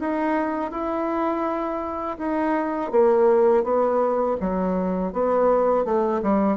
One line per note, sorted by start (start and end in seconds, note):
0.00 0.72 D#4
0.72 2.18 E4
2.18 2.91 D#4
2.91 3.64 A#3
3.64 4.37 B3
4.41 5.13 F#3
5.13 5.85 B3
5.85 6.21 A3
6.23 6.57 G3